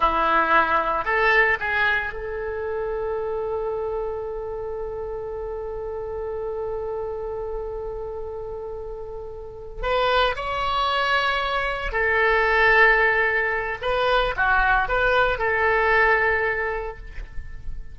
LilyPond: \new Staff \with { instrumentName = "oboe" } { \time 4/4 \tempo 4 = 113 e'2 a'4 gis'4 | a'1~ | a'1~ | a'1~ |
a'2~ a'8 b'4 cis''8~ | cis''2~ cis''8 a'4.~ | a'2 b'4 fis'4 | b'4 a'2. | }